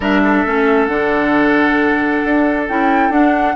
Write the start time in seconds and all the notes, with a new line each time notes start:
0.00 G3 D4 A#4 E5
0.23 A4
0.45 A3 C#4
0.86 D3 D4 F#5
2.24 D4
2.68 C#4 E4 G5
3.09 D4 F#5